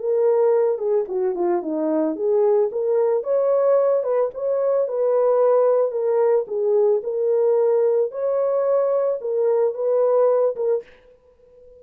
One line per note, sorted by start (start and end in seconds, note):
0.00 0.78 A#4
0.78 1.05 G#4
1.08 1.35 F#4
1.35 1.62 F4
1.62 2.16 D#4
2.16 2.70 G#4
2.72 3.23 A#4
3.23 4.03 C#5
4.03 4.30 B4
4.34 4.88 C#5
4.88 5.91 B4
5.91 6.45 A#4
6.47 7.01 G#4
7.03 8.11 A#4
8.11 9.19 C#5
9.21 9.74 A#4
9.74 10.55 B4
10.56 10.83 A#4